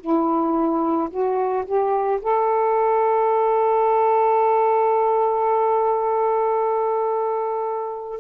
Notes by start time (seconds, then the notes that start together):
0.00 E4
1.10 F#4
1.65 G4
2.22 A4